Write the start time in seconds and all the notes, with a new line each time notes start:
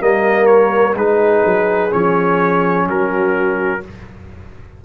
0.00 G3 A#3 A#4 D#5
0.47 C#5
0.95 G#3 D#4 G#4 B4
1.46 F#3
1.90 F3 C#4 C#5
2.87 F#3 F#4 A#4